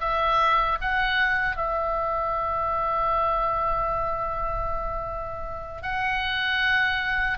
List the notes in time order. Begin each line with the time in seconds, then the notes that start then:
0.00 E5
0.81 F#5
1.56 E5
5.82 F#5